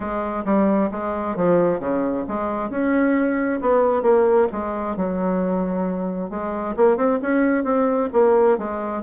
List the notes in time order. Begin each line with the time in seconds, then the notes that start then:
0.00 G#3
0.44 G3
0.91 G#3
1.36 F3
1.79 C#3
2.27 G#3
2.70 C#4
3.61 B3
4.02 A#3
4.52 G#3
4.96 F#3
6.29 G#3
6.76 A#3
6.96 C4
7.21 C#4
7.64 C4
8.13 A#3
8.58 G#3